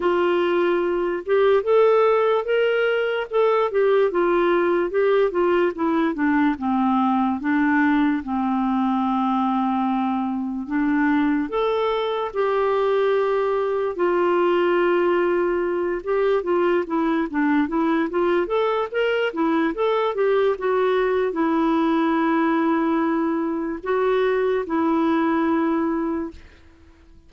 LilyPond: \new Staff \with { instrumentName = "clarinet" } { \time 4/4 \tempo 4 = 73 f'4. g'8 a'4 ais'4 | a'8 g'8 f'4 g'8 f'8 e'8 d'8 | c'4 d'4 c'2~ | c'4 d'4 a'4 g'4~ |
g'4 f'2~ f'8 g'8 | f'8 e'8 d'8 e'8 f'8 a'8 ais'8 e'8 | a'8 g'8 fis'4 e'2~ | e'4 fis'4 e'2 | }